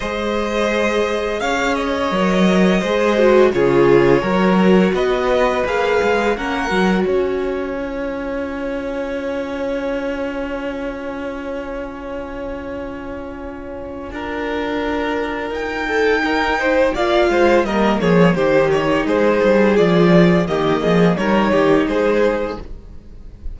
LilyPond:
<<
  \new Staff \with { instrumentName = "violin" } { \time 4/4 \tempo 4 = 85 dis''2 f''8 dis''4.~ | dis''4 cis''2 dis''4 | f''4 fis''4 gis''2~ | gis''1~ |
gis''1~ | gis''2 g''2 | f''4 dis''8 cis''8 c''8 cis''8 c''4 | d''4 dis''4 cis''4 c''4 | }
  \new Staff \with { instrumentName = "violin" } { \time 4/4 c''2 cis''2 | c''4 gis'4 ais'4 b'4~ | b'4 ais'4 cis''2~ | cis''1~ |
cis''1 | ais'2~ ais'8 a'8 ais'8 c''8 | d''8 c''8 ais'8 gis'8 g'4 gis'4~ | gis'4 g'8 gis'8 ais'8 g'8 gis'4 | }
  \new Staff \with { instrumentName = "viola" } { \time 4/4 gis'2. ais'4 | gis'8 fis'8 f'4 fis'2 | gis'4 cis'8 fis'4. f'4~ | f'1~ |
f'1~ | f'2. dis'4 | f'4 ais4 dis'2 | f'4 ais4 dis'2 | }
  \new Staff \with { instrumentName = "cello" } { \time 4/4 gis2 cis'4 fis4 | gis4 cis4 fis4 b4 | ais8 gis8 ais8 fis8 cis'2~ | cis'1~ |
cis'1 | d'2 dis'2 | ais8 gis8 g8 f8 dis4 gis8 g8 | f4 dis8 f8 g8 dis8 gis4 | }
>>